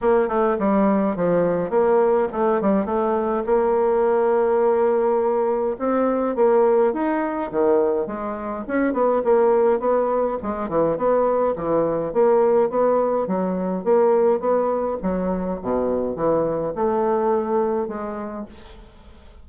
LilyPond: \new Staff \with { instrumentName = "bassoon" } { \time 4/4 \tempo 4 = 104 ais8 a8 g4 f4 ais4 | a8 g8 a4 ais2~ | ais2 c'4 ais4 | dis'4 dis4 gis4 cis'8 b8 |
ais4 b4 gis8 e8 b4 | e4 ais4 b4 fis4 | ais4 b4 fis4 b,4 | e4 a2 gis4 | }